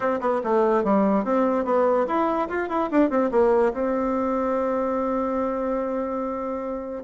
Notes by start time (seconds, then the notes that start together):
0.00 C4
0.20 B3
0.43 A3
0.84 G3
1.24 C4
1.65 B3
2.07 E4
2.48 F4
2.68 E4
2.91 D4
3.09 C4
3.31 A#3
3.73 C4